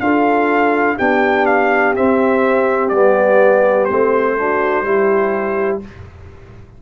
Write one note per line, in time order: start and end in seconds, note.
0.00 0.97 D4
0.00 0.99 F4
0.00 0.97 A4
0.00 0.97 F5
0.97 1.96 B3
0.97 1.95 D4
0.97 4.36 G4
0.97 1.46 G5
1.46 1.94 F5
1.95 2.92 C4
1.95 2.91 C4
1.95 2.89 E5
2.89 3.88 G3
2.89 3.90 B3
2.89 3.85 D5
3.85 4.82 A3
3.85 4.37 C4
3.85 5.79 C5
4.37 4.85 D4
4.37 4.86 F#4
4.82 5.79 G3
4.82 5.82 E4
4.82 5.83 G4